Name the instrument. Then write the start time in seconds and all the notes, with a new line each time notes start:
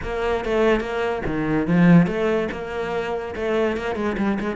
cello
0.03 A#3
0.45 A3
0.80 A#3
1.26 D#3
1.67 F3
2.06 A3
2.51 A#3
3.35 A3
3.76 A#3
3.95 G#3
4.17 G3
4.40 G#3